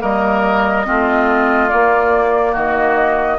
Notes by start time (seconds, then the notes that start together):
0.00 G3 A#3 A#4 D#5
0.85 A3 C4 F4
1.69 A#3 D5
2.52 D#3 F#4 D#5